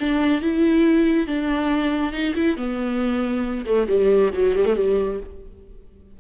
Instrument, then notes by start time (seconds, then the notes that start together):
viola
0.00 D4
0.42 E4
1.27 D4
2.13 D#4
2.35 E4
2.57 B3
3.66 A3
3.88 G3
4.34 F#3
4.56 G3
4.66 A3
4.76 G3